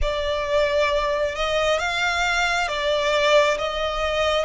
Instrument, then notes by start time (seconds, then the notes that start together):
violin
0.01 D5
1.35 D#5
1.79 F5
2.67 D5
3.58 D#5